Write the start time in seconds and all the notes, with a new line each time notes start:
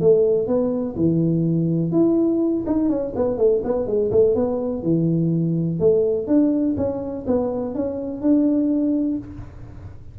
0.00 A3
0.47 B3
0.96 E3
1.91 E4
2.66 D#4
2.89 C#4
3.15 B3
3.37 A3
3.64 B3
3.86 G#3
4.11 A3
4.35 B3
4.83 E3
5.79 A3
6.27 D4
6.77 C#4
7.26 B3
7.74 C#4
8.21 D4